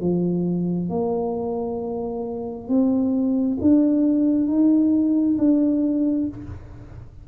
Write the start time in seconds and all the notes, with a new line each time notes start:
0.00 F3
0.90 A#3
2.68 C4
3.61 D4
4.48 D#4
5.38 D4